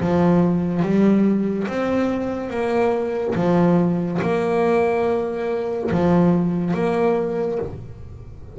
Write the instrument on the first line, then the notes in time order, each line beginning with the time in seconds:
double bass
0.00 F3
0.82 G3
1.67 C4
2.50 A#3
3.35 F3
4.21 A#3
5.91 F3
6.74 A#3